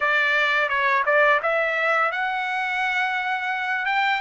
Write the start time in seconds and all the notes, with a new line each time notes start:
0.00 D5
0.68 C#5
1.05 D5
1.42 E5
2.11 F#5
3.85 G5